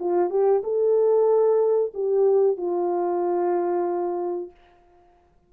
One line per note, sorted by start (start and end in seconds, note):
0.00 0.30 F4
0.30 0.62 G4
0.64 1.93 A4
1.95 2.58 G4
2.58 4.51 F4